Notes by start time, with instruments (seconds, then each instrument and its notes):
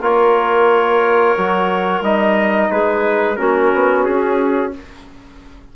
0.00 bassoon A#3, trombone F4, clarinet A#4, trumpet C#5
1.37 bassoon F#3, trombone F#4
2.00 bassoon G3, trombone D#4, trumpet D#5
2.71 bassoon G#3, clarinet G#4, trumpet B4
3.36 bassoon A#3, trombone C#4, clarinet F#4, trumpet A#4
3.73 bassoon B3
4.04 bassoon C#4, trumpet G#4